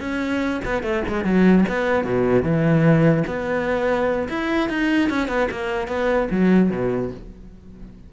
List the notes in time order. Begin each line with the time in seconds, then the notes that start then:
0.00 C#4
0.65 B3
0.83 A3
1.08 G#3
1.24 F#3
1.68 B3
2.04 B2
2.42 E3
3.27 B3
4.29 E4
4.69 D#4
5.09 C#4
5.28 B3
5.51 A#3
5.87 B3
6.30 F#3
6.70 B2